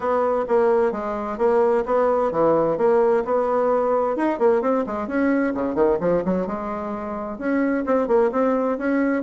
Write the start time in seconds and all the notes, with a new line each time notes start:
0.00 B3
0.47 A#3
0.91 G#3
1.38 A#3
1.85 B3
2.31 E3
2.77 A#3
3.24 B3
4.16 D#4
4.38 A#3
4.61 C4
4.86 G#3
5.07 C#4
5.54 C#3
5.74 D#3
6.00 F3
6.24 F#3
6.46 G#3
7.38 C#4
7.85 C4
8.07 A#3
8.31 C4
8.77 C#4